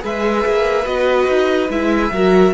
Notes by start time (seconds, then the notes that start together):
0.00 G#3 G#4 B4 E5
0.46 A#3
0.85 B3 F#4 D#5
1.28 D#4
1.69 G#3 E4 E5
2.11 F#3 F#4 A#4